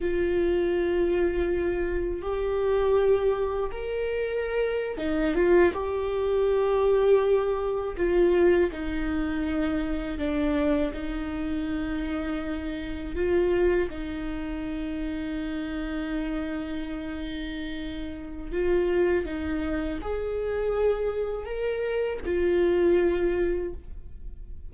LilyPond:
\new Staff \with { instrumentName = "viola" } { \time 4/4 \tempo 4 = 81 f'2. g'4~ | g'4 ais'4.~ ais'16 dis'8 f'8 g'16~ | g'2~ g'8. f'4 dis'16~ | dis'4.~ dis'16 d'4 dis'4~ dis'16~ |
dis'4.~ dis'16 f'4 dis'4~ dis'16~ | dis'1~ | dis'4 f'4 dis'4 gis'4~ | gis'4 ais'4 f'2 | }